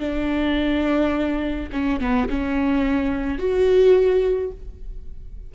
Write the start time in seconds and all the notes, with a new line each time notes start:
0.00 D4
1.72 C#4
2.01 B3
2.30 C#4
3.39 F#4